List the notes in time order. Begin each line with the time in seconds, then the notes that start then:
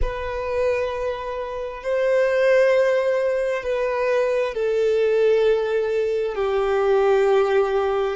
0.01 B4
1.83 C5
3.63 B4
4.54 A4
6.35 G4